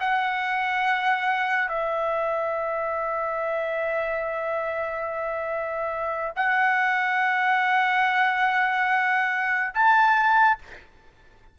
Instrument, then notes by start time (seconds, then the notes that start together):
trumpet
0.00 F#5
1.68 E5
6.35 F#5
9.74 A5